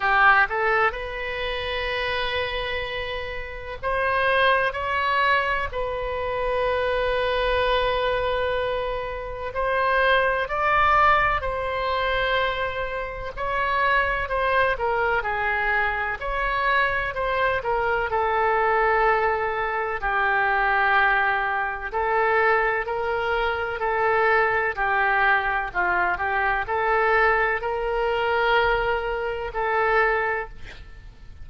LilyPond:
\new Staff \with { instrumentName = "oboe" } { \time 4/4 \tempo 4 = 63 g'8 a'8 b'2. | c''4 cis''4 b'2~ | b'2 c''4 d''4 | c''2 cis''4 c''8 ais'8 |
gis'4 cis''4 c''8 ais'8 a'4~ | a'4 g'2 a'4 | ais'4 a'4 g'4 f'8 g'8 | a'4 ais'2 a'4 | }